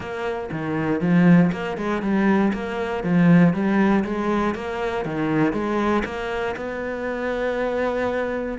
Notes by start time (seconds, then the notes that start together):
0.00 A#3
0.51 D#3
1.01 F3
1.51 A#3
1.77 G#3
2.02 G3
2.53 A#3
3.03 F3
3.53 G3
4.04 G#3
4.54 A#3
5.05 D#3
5.52 G#3
6.04 A#3
6.56 B3